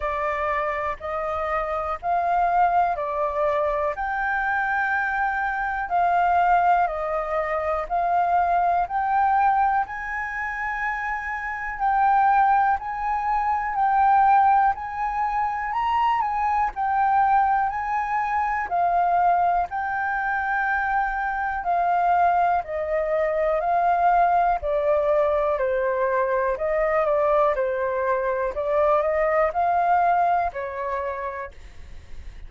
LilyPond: \new Staff \with { instrumentName = "flute" } { \time 4/4 \tempo 4 = 61 d''4 dis''4 f''4 d''4 | g''2 f''4 dis''4 | f''4 g''4 gis''2 | g''4 gis''4 g''4 gis''4 |
ais''8 gis''8 g''4 gis''4 f''4 | g''2 f''4 dis''4 | f''4 d''4 c''4 dis''8 d''8 | c''4 d''8 dis''8 f''4 cis''4 | }